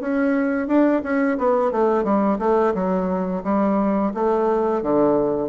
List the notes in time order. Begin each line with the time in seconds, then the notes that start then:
0.00 C#4
0.67 D4
1.03 C#4
1.38 B3
1.71 A3
2.03 G3
2.39 A3
2.74 F#3
3.43 G3
4.13 A3
4.82 D3